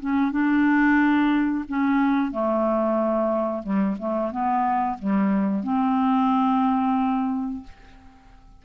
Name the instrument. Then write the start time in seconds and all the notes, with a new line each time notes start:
clarinet
0.00 C#4
0.32 D4
1.68 C#4
2.32 A3
3.63 G3
3.99 A3
4.32 B3
4.98 G3
5.63 C4